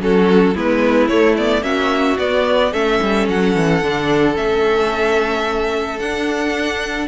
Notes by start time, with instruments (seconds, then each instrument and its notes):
0.00 cello F#3, viola C#4, violin F#4 A4
0.55 cello G#3, viola B3, violin E4 B4
1.08 cello A3, viola A3, violin C#5
1.37 viola B3, violin D5
1.62 cello A#3, viola C#4, violin F#4 E5
2.19 viola B3, cello B3, violin D5
2.72 cello A3, viola C#4, violin A4 E5
3.02 cello G3
3.29 cello F#3, violin F#5
3.56 cello E3
3.82 cello D3, viola D4
4.35 cello A3, viola C#4, violin E5
6.00 cello D4, viola D4, violin F#5